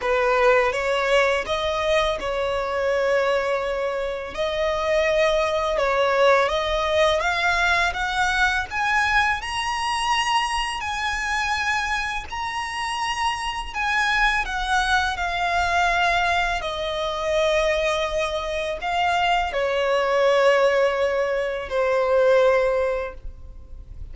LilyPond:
\new Staff \with { instrumentName = "violin" } { \time 4/4 \tempo 4 = 83 b'4 cis''4 dis''4 cis''4~ | cis''2 dis''2 | cis''4 dis''4 f''4 fis''4 | gis''4 ais''2 gis''4~ |
gis''4 ais''2 gis''4 | fis''4 f''2 dis''4~ | dis''2 f''4 cis''4~ | cis''2 c''2 | }